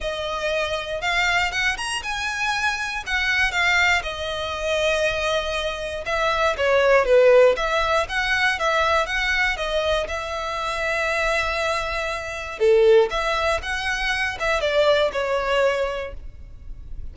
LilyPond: \new Staff \with { instrumentName = "violin" } { \time 4/4 \tempo 4 = 119 dis''2 f''4 fis''8 ais''8 | gis''2 fis''4 f''4 | dis''1 | e''4 cis''4 b'4 e''4 |
fis''4 e''4 fis''4 dis''4 | e''1~ | e''4 a'4 e''4 fis''4~ | fis''8 e''8 d''4 cis''2 | }